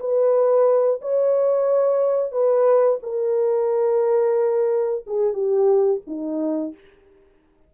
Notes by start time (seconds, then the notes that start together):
0.00 B4
1.01 C#5
2.32 B4
3.03 A#4
5.07 G#4
5.34 G4
6.07 D#4